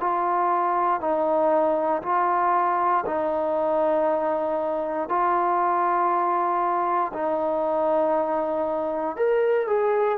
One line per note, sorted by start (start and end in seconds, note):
0.00 1.00 F4
1.00 2.02 D#4
2.02 3.04 F4
3.06 5.09 D#4
5.09 7.12 F4
7.13 9.17 D#4
9.17 9.67 A#4
9.67 10.18 G#4